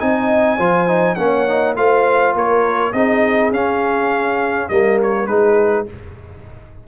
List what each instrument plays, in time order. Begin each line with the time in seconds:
0.00 tuba C4, trombone D#4, horn D#5, trumpet G#5
0.57 tuba F3, trombone F4, horn C5
0.88 trombone D#4
1.15 tuba A#3, trombone C#4, horn C#5, trumpet F#5
1.48 trombone D#4
1.76 tuba A3, trombone F4, horn C5, trumpet F5
2.34 tuba A#3, horn A#4, trumpet C#5
2.93 tuba C4, trombone D#4, horn G#4, trumpet D#5
3.51 tuba C#4, trombone C#4, trumpet F5
4.69 tuba G3, trombone A#3, horn A#4, trumpet D#5
5.03 trumpet C#5
5.27 tuba G#3, trombone D#4, horn G#4, trumpet B4